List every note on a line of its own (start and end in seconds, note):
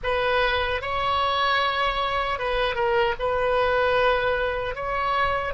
0.03 0.81 B4
0.81 2.38 C#5
2.38 2.75 B4
2.75 3.14 A#4
3.19 4.75 B4
4.75 5.53 C#5